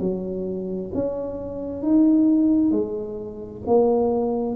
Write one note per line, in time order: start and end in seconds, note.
0.00 0.91 F#3
0.94 1.82 C#4
1.82 2.71 D#4
2.71 3.62 G#3
3.66 4.55 A#3